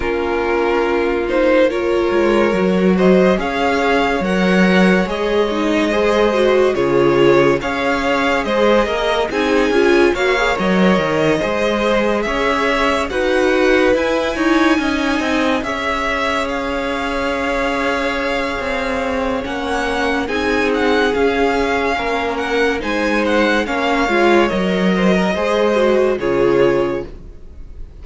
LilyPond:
<<
  \new Staff \with { instrumentName = "violin" } { \time 4/4 \tempo 4 = 71 ais'4. c''8 cis''4. dis''8 | f''4 fis''4 dis''2 | cis''4 f''4 dis''4 gis''4 | f''8 dis''2 e''4 fis''8~ |
fis''8 gis''2 e''4 f''8~ | f''2. fis''4 | gis''8 fis''8 f''4. fis''8 gis''8 fis''8 | f''4 dis''2 cis''4 | }
  \new Staff \with { instrumentName = "violin" } { \time 4/4 f'2 ais'4. c''8 | cis''2. c''4 | gis'4 cis''4 c''8 ais'8 gis'4 | cis''4. c''4 cis''4 b'8~ |
b'4 cis''8 dis''4 cis''4.~ | cis''1 | gis'2 ais'4 c''4 | cis''4. c''16 ais'16 c''4 gis'4 | }
  \new Staff \with { instrumentName = "viola" } { \time 4/4 cis'4. dis'8 f'4 fis'4 | gis'4 ais'4 gis'8 dis'8 gis'8 fis'8 | f'4 gis'2 dis'8 f'8 | fis'16 gis'16 ais'4 gis'2 fis'8~ |
fis'8 e'4 dis'4 gis'4.~ | gis'2. cis'4 | dis'4 cis'2 dis'4 | cis'8 f'8 ais'4 gis'8 fis'8 f'4 | }
  \new Staff \with { instrumentName = "cello" } { \time 4/4 ais2~ ais8 gis8 fis4 | cis'4 fis4 gis2 | cis4 cis'4 gis8 ais8 c'8 cis'8 | ais8 fis8 dis8 gis4 cis'4 dis'8~ |
dis'8 e'8 dis'8 cis'8 c'8 cis'4.~ | cis'2 c'4 ais4 | c'4 cis'4 ais4 gis4 | ais8 gis8 fis4 gis4 cis4 | }
>>